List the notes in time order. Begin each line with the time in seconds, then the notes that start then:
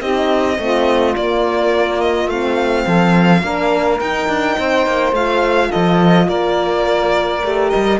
0.00 C4 D#4 G4 D#5
0.57 A3 C4 F4
1.15 A#3 D5
2.01 D#5
2.28 A3 C4 F5
2.85 F3 A4
3.43 A#3 D4 A#4
4.00 D#4 G5
4.28 D4
4.59 C4 C5
4.86 A#3
5.12 A3 F4 F5
5.68 A4 D#5
5.75 F3
6.28 A#3 A#4 D5
7.44 A3 G4
7.70 G3 D#5